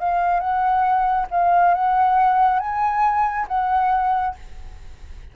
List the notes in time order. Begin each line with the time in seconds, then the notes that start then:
0.00 F5
0.40 F#5
1.31 F5
1.74 F#5
2.60 G#5
3.48 F#5